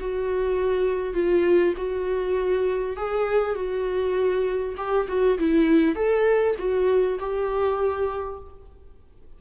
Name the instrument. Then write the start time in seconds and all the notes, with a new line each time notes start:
viola
0.00 F#4
1.14 F4
1.77 F#4
2.97 G#4
3.55 F#4
4.77 G4
5.08 F#4
5.39 E4
5.96 A4
6.59 F#4
7.19 G4